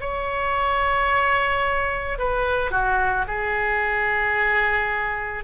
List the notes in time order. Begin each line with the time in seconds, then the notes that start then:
0.00 C#5
2.18 B4
2.71 F#4
3.27 G#4